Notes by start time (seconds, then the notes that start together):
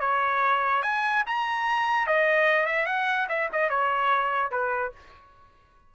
0.00 C#5
0.82 G#5
1.26 A#5
2.07 D#5
2.66 E5
2.86 F#5
3.29 E5
3.52 D#5
3.69 C#5
4.51 B4